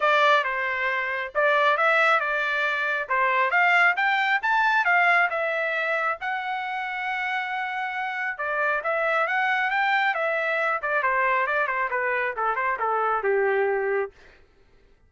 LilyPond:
\new Staff \with { instrumentName = "trumpet" } { \time 4/4 \tempo 4 = 136 d''4 c''2 d''4 | e''4 d''2 c''4 | f''4 g''4 a''4 f''4 | e''2 fis''2~ |
fis''2. d''4 | e''4 fis''4 g''4 e''4~ | e''8 d''8 c''4 d''8 c''8 b'4 | a'8 c''8 a'4 g'2 | }